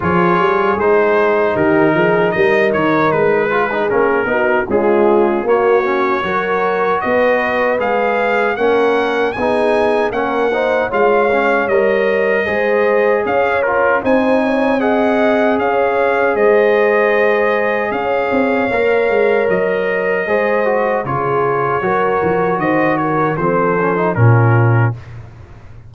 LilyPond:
<<
  \new Staff \with { instrumentName = "trumpet" } { \time 4/4 \tempo 4 = 77 cis''4 c''4 ais'4 dis''8 cis''8 | b'4 ais'4 gis'4 cis''4~ | cis''4 dis''4 f''4 fis''4 | gis''4 fis''4 f''4 dis''4~ |
dis''4 f''8 ais'8 gis''4 fis''4 | f''4 dis''2 f''4~ | f''4 dis''2 cis''4~ | cis''4 dis''8 cis''8 c''4 ais'4 | }
  \new Staff \with { instrumentName = "horn" } { \time 4/4 gis'2 g'8 gis'8 ais'4~ | ais'8 gis'4 fis'8 f'4 fis'4 | ais'4 b'2 ais'4 | gis'4 ais'8 c''8 cis''2 |
c''4 cis''4 c''8 cis''8 dis''4 | cis''4 c''2 cis''4~ | cis''2 c''4 gis'4 | ais'4 c''8 ais'8 a'4 f'4 | }
  \new Staff \with { instrumentName = "trombone" } { \time 4/4 f'4 dis'2.~ | dis'8 f'16 dis'16 cis'8 dis'8 gis4 ais8 cis'8 | fis'2 gis'4 cis'4 | dis'4 cis'8 dis'8 f'8 cis'8 ais'4 |
gis'4. f'8 dis'4 gis'4~ | gis'1 | ais'2 gis'8 fis'8 f'4 | fis'2 c'8 cis'16 dis'16 cis'4 | }
  \new Staff \with { instrumentName = "tuba" } { \time 4/4 f8 g8 gis4 dis8 f8 g8 dis8 | gis4 ais8 b8 cis'4 ais4 | fis4 b4 gis4 ais4 | b4 ais4 gis4 g4 |
gis4 cis'4 c'2 | cis'4 gis2 cis'8 c'8 | ais8 gis8 fis4 gis4 cis4 | fis8 f8 dis4 f4 ais,4 | }
>>